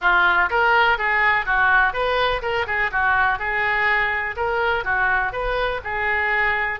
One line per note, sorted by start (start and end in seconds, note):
0.01 0.49 F4
0.49 0.98 A#4
0.98 1.45 G#4
1.45 1.93 F#4
1.93 2.41 B4
2.41 2.66 A#4
2.66 2.90 G#4
2.91 3.38 F#4
3.38 4.35 G#4
4.36 4.84 A#4
4.84 5.32 F#4
5.32 5.80 B4
5.84 6.79 G#4